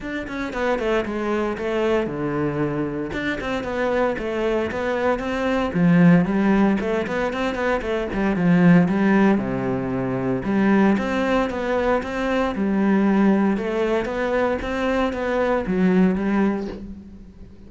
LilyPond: \new Staff \with { instrumentName = "cello" } { \time 4/4 \tempo 4 = 115 d'8 cis'8 b8 a8 gis4 a4 | d2 d'8 c'8 b4 | a4 b4 c'4 f4 | g4 a8 b8 c'8 b8 a8 g8 |
f4 g4 c2 | g4 c'4 b4 c'4 | g2 a4 b4 | c'4 b4 fis4 g4 | }